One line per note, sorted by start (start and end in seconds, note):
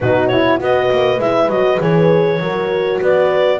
0.00 0.60 B2
0.00 0.31 D#4
0.00 0.61 F#4
0.00 0.28 B4
0.28 0.58 E4
0.28 0.58 C#5
0.58 0.90 B3
0.58 1.18 F#4
0.58 2.42 B4
0.58 1.21 D#5
0.91 1.18 A#3
1.18 1.48 G#3
1.18 1.49 E4
1.18 1.50 E5
1.48 1.78 F#3
1.48 1.79 F#4
1.48 1.80 D#5
1.79 2.39 E3
1.79 2.39 G#4
1.79 3.01 C#5
2.39 2.99 F#3
2.39 3.59 F#4
2.39 3.01 A#4
3.01 3.59 B3
3.01 3.59 B4
3.01 3.59 D5